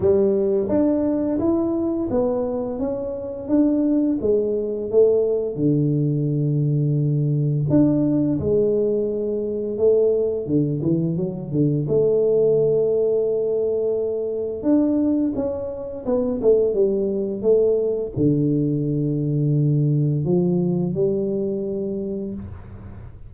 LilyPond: \new Staff \with { instrumentName = "tuba" } { \time 4/4 \tempo 4 = 86 g4 d'4 e'4 b4 | cis'4 d'4 gis4 a4 | d2. d'4 | gis2 a4 d8 e8 |
fis8 d8 a2.~ | a4 d'4 cis'4 b8 a8 | g4 a4 d2~ | d4 f4 g2 | }